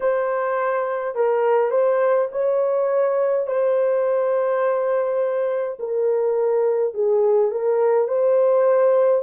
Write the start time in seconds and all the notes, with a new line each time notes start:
0.00 C5
1.15 A#4
1.70 C5
2.31 C#5
3.46 C5
5.78 A#4
6.93 G#4
7.51 A#4
8.08 C5